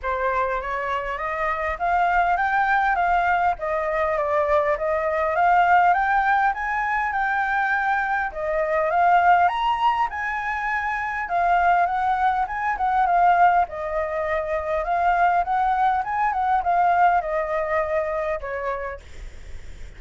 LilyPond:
\new Staff \with { instrumentName = "flute" } { \time 4/4 \tempo 4 = 101 c''4 cis''4 dis''4 f''4 | g''4 f''4 dis''4 d''4 | dis''4 f''4 g''4 gis''4 | g''2 dis''4 f''4 |
ais''4 gis''2 f''4 | fis''4 gis''8 fis''8 f''4 dis''4~ | dis''4 f''4 fis''4 gis''8 fis''8 | f''4 dis''2 cis''4 | }